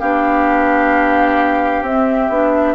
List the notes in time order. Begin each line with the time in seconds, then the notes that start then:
0.00 B3 D4 G4 F5
1.82 C4 E5
1.90 C4
2.29 B3 D4